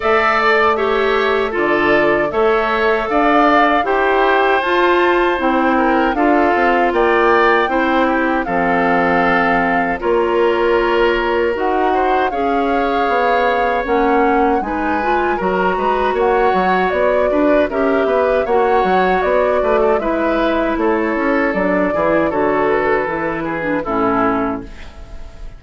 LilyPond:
<<
  \new Staff \with { instrumentName = "flute" } { \time 4/4 \tempo 4 = 78 e''8 d''8 e''4 d''4 e''4 | f''4 g''4 a''4 g''4 | f''4 g''2 f''4~ | f''4 cis''2 fis''4 |
f''2 fis''4 gis''4 | ais''4 fis''4 d''4 e''4 | fis''4 d''4 e''4 cis''4 | d''4 cis''8 b'4. a'4 | }
  \new Staff \with { instrumentName = "oboe" } { \time 4/4 d''4 cis''4 a'4 cis''4 | d''4 c''2~ c''8 ais'8 | a'4 d''4 c''8 g'8 a'4~ | a'4 ais'2~ ais'8 c''8 |
cis''2. b'4 | ais'8 b'8 cis''4. b'8 ais'8 b'8 | cis''4. b'16 a'16 b'4 a'4~ | a'8 gis'8 a'4. gis'8 e'4 | }
  \new Staff \with { instrumentName = "clarinet" } { \time 4/4 a'4 g'4 f'4 a'4~ | a'4 g'4 f'4 e'4 | f'2 e'4 c'4~ | c'4 f'2 fis'4 |
gis'2 cis'4 dis'8 f'8 | fis'2. g'4 | fis'2 e'2 | d'8 e'8 fis'4 e'8. d'16 cis'4 | }
  \new Staff \with { instrumentName = "bassoon" } { \time 4/4 a2 d4 a4 | d'4 e'4 f'4 c'4 | d'8 c'8 ais4 c'4 f4~ | f4 ais2 dis'4 |
cis'4 b4 ais4 gis4 | fis8 gis8 ais8 fis8 b8 d'8 cis'8 b8 | ais8 fis8 b8 a8 gis4 a8 cis'8 | fis8 e8 d4 e4 a,4 | }
>>